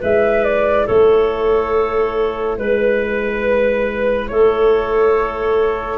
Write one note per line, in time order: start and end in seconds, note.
0.00 0.89 G#3
0.00 5.99 E4
0.00 0.86 B4
0.00 0.44 E5
0.44 0.87 D5
0.86 2.59 A3
0.86 2.58 A4
0.86 2.59 C#5
2.59 4.30 G#3
2.59 4.28 B4
2.59 4.30 B4
4.28 5.99 A3
4.28 5.99 A4
4.28 5.99 C#5